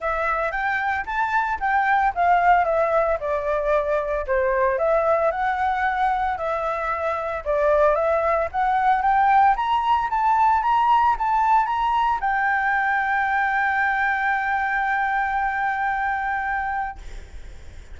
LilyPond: \new Staff \with { instrumentName = "flute" } { \time 4/4 \tempo 4 = 113 e''4 g''4 a''4 g''4 | f''4 e''4 d''2 | c''4 e''4 fis''2 | e''2 d''4 e''4 |
fis''4 g''4 ais''4 a''4 | ais''4 a''4 ais''4 g''4~ | g''1~ | g''1 | }